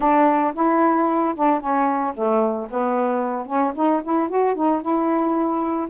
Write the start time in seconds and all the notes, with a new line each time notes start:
0.00 D4
0.54 E4
1.35 D4
1.60 C#4
2.14 A3
2.70 B3
3.46 C#4
3.75 D#4
4.03 E4
4.28 F#4
4.55 D#4
4.81 E4